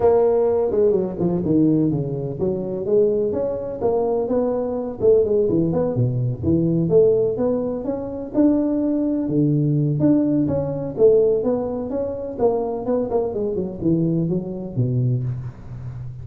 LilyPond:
\new Staff \with { instrumentName = "tuba" } { \time 4/4 \tempo 4 = 126 ais4. gis8 fis8 f8 dis4 | cis4 fis4 gis4 cis'4 | ais4 b4. a8 gis8 e8 | b8 b,4 e4 a4 b8~ |
b8 cis'4 d'2 d8~ | d4 d'4 cis'4 a4 | b4 cis'4 ais4 b8 ais8 | gis8 fis8 e4 fis4 b,4 | }